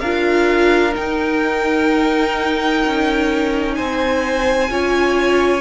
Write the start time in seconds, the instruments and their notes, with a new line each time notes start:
0.00 cello D4, viola F4, violin A#4 F5
0.92 viola D#4, cello D#4, violin G5
2.86 cello C#4
3.75 cello C4, violin C5 G#5
4.70 cello C#4, viola F4, violin C#5